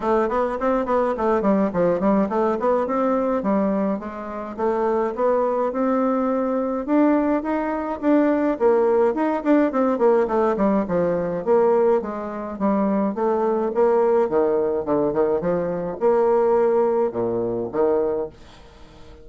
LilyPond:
\new Staff \with { instrumentName = "bassoon" } { \time 4/4 \tempo 4 = 105 a8 b8 c'8 b8 a8 g8 f8 g8 | a8 b8 c'4 g4 gis4 | a4 b4 c'2 | d'4 dis'4 d'4 ais4 |
dis'8 d'8 c'8 ais8 a8 g8 f4 | ais4 gis4 g4 a4 | ais4 dis4 d8 dis8 f4 | ais2 ais,4 dis4 | }